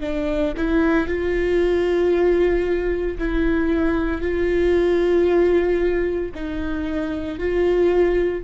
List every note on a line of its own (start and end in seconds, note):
0.00 0.53 D4
0.56 1.07 E4
1.07 3.18 F4
3.18 4.21 E4
4.21 6.32 F4
6.34 7.38 D#4
7.38 8.44 F4